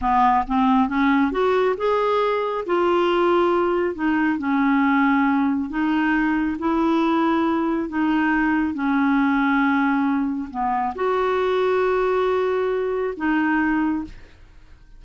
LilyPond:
\new Staff \with { instrumentName = "clarinet" } { \time 4/4 \tempo 4 = 137 b4 c'4 cis'4 fis'4 | gis'2 f'2~ | f'4 dis'4 cis'2~ | cis'4 dis'2 e'4~ |
e'2 dis'2 | cis'1 | b4 fis'2.~ | fis'2 dis'2 | }